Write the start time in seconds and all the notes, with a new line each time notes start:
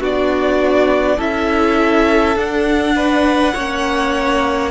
0.00 B3 D4 F#4 D5
1.17 C#4 E4 A4 E5
2.36 D4 F#5
2.95 B4
3.54 A#3 C#4 C#5